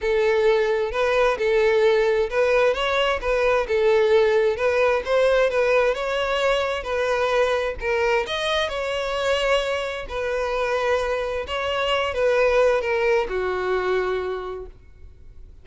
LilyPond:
\new Staff \with { instrumentName = "violin" } { \time 4/4 \tempo 4 = 131 a'2 b'4 a'4~ | a'4 b'4 cis''4 b'4 | a'2 b'4 c''4 | b'4 cis''2 b'4~ |
b'4 ais'4 dis''4 cis''4~ | cis''2 b'2~ | b'4 cis''4. b'4. | ais'4 fis'2. | }